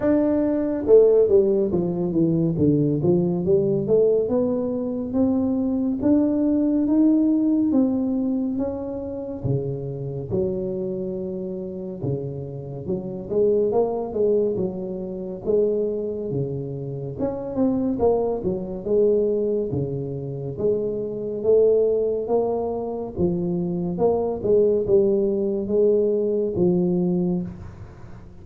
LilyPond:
\new Staff \with { instrumentName = "tuba" } { \time 4/4 \tempo 4 = 70 d'4 a8 g8 f8 e8 d8 f8 | g8 a8 b4 c'4 d'4 | dis'4 c'4 cis'4 cis4 | fis2 cis4 fis8 gis8 |
ais8 gis8 fis4 gis4 cis4 | cis'8 c'8 ais8 fis8 gis4 cis4 | gis4 a4 ais4 f4 | ais8 gis8 g4 gis4 f4 | }